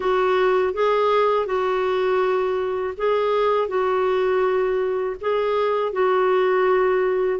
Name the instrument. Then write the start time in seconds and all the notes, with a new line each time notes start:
clarinet
0.00 F#4
0.73 G#4
1.45 F#4
2.97 G#4
3.67 F#4
5.21 G#4
5.92 F#4